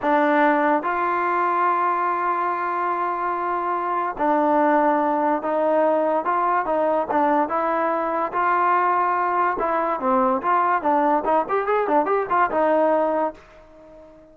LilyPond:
\new Staff \with { instrumentName = "trombone" } { \time 4/4 \tempo 4 = 144 d'2 f'2~ | f'1~ | f'2 d'2~ | d'4 dis'2 f'4 |
dis'4 d'4 e'2 | f'2. e'4 | c'4 f'4 d'4 dis'8 g'8 | gis'8 d'8 g'8 f'8 dis'2 | }